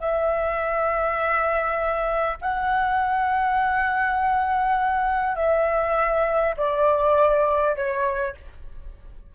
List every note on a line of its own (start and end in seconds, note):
0.00 2.38 E5
2.42 5.36 F#5
5.36 6.55 E5
6.58 7.76 D5
7.76 8.35 C#5